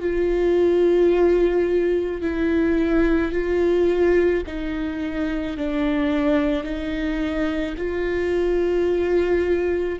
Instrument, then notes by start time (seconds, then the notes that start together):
viola
0.00 F4
2.21 E4
3.32 F4
4.46 D#4
5.57 D4
6.63 D#4
7.77 F4